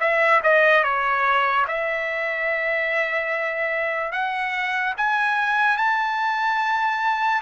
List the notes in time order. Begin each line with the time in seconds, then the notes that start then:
0.00 E5
0.43 D#5
0.84 C#5
1.68 E5
4.12 F#5
4.97 G#5
5.77 A5